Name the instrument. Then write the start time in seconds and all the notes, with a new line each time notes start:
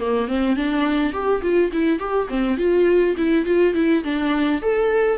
viola
0.00 A#3
0.28 C4
0.56 D4
1.13 G4
1.42 F4
1.73 E4
2.00 G4
2.29 C4
2.58 F4
3.17 E4
3.46 F4
3.74 E4
4.04 D4
4.62 A4